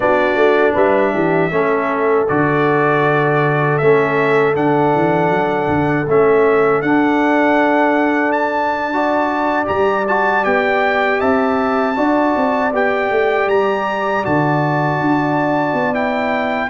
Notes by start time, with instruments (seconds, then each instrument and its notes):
0.00 tuba B3, trombone D4, horn F#4, trumpet D5
0.35 tuba A3
0.73 tuba G3, horn B4, trumpet E5
1.13 tuba E3, horn G4
1.51 tuba A3, trombone C#4, horn A4
2.27 tuba D3, trombone F#4, trumpet D5
3.78 tuba A3, trombone C#4, trumpet E5
4.54 tuba D3, trombone D4, trumpet F#5
4.95 tuba E3
5.30 tuba F#3
5.68 tuba D3
6.07 tuba A3, trombone C#4, trumpet E5
6.81 tuba D4, trombone D4, trumpet F#5
8.31 trumpet A5
8.93 trombone F#4, horn D5
9.65 tuba G3, trombone G4, trumpet A#5
10.07 trombone F#4, trumpet A5
10.42 tuba B3, trombone G4, trumpet G5
11.20 tuba C4, horn E5, trumpet A5
11.95 tuba D4, trombone F#4, horn D5
12.36 tuba C4
12.72 tuba B3, trombone G4, trumpet G5
13.10 tuba A3
13.47 tuba G3, trumpet A#5
14.23 tuba D3, trombone F#4, trumpet A5
15.00 tuba D4
15.73 tuba B3
15.94 trombone E4, trumpet G5